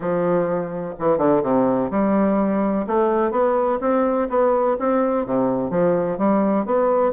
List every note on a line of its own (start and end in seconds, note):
0.00 0.94 F3
0.99 1.18 E3
1.18 1.42 D3
1.42 1.90 C3
1.90 2.85 G3
2.86 3.31 A3
3.31 3.79 B3
3.81 4.28 C4
4.29 4.76 B3
4.79 5.25 C4
5.25 5.70 C3
5.70 6.18 F3
6.18 6.65 G3
6.65 7.12 B3